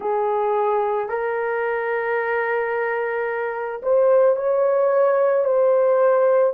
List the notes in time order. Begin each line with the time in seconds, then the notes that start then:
0.00 G#4
1.09 A#4
3.82 C5
4.36 C#5
5.44 C5